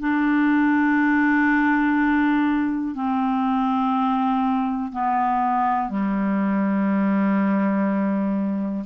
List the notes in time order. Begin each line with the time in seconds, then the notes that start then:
0.00 D4
2.95 C4
4.92 B3
5.89 G3